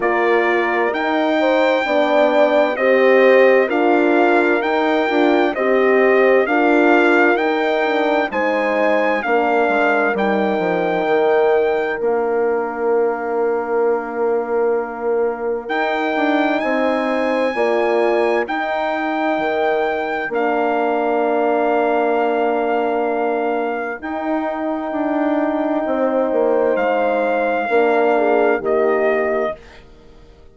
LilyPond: <<
  \new Staff \with { instrumentName = "trumpet" } { \time 4/4 \tempo 4 = 65 d''4 g''2 dis''4 | f''4 g''4 dis''4 f''4 | g''4 gis''4 f''4 g''4~ | g''4 f''2.~ |
f''4 g''4 gis''2 | g''2 f''2~ | f''2 g''2~ | g''4 f''2 dis''4 | }
  \new Staff \with { instrumentName = "horn" } { \time 4/4 ais'4. c''8 d''4 c''4 | ais'2 c''4 ais'4~ | ais'4 c''4 ais'2~ | ais'1~ |
ais'2 c''4 d''4 | ais'1~ | ais'1 | c''2 ais'8 gis'8 g'4 | }
  \new Staff \with { instrumentName = "horn" } { \time 4/4 f'4 dis'4 d'4 g'4 | f'4 dis'8 f'8 g'4 f'4 | dis'8 d'8 dis'4 d'4 dis'4~ | dis'4 d'2.~ |
d'4 dis'2 f'4 | dis'2 d'2~ | d'2 dis'2~ | dis'2 d'4 ais4 | }
  \new Staff \with { instrumentName = "bassoon" } { \time 4/4 ais4 dis'4 b4 c'4 | d'4 dis'8 d'8 c'4 d'4 | dis'4 gis4 ais8 gis8 g8 f8 | dis4 ais2.~ |
ais4 dis'8 d'8 c'4 ais4 | dis'4 dis4 ais2~ | ais2 dis'4 d'4 | c'8 ais8 gis4 ais4 dis4 | }
>>